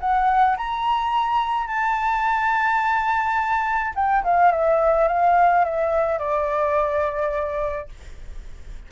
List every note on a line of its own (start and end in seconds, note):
0.00 0.57 F#5
0.57 1.67 A#5
1.67 3.93 A5
3.95 4.23 G5
4.24 4.51 F5
4.51 5.08 E5
5.08 5.64 F5
5.64 6.19 E5
6.19 7.88 D5